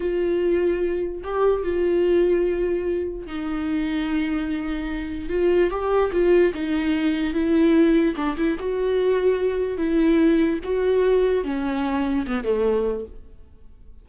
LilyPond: \new Staff \with { instrumentName = "viola" } { \time 4/4 \tempo 4 = 147 f'2. g'4 | f'1 | dis'1~ | dis'4 f'4 g'4 f'4 |
dis'2 e'2 | d'8 e'8 fis'2. | e'2 fis'2 | cis'2 b8 a4. | }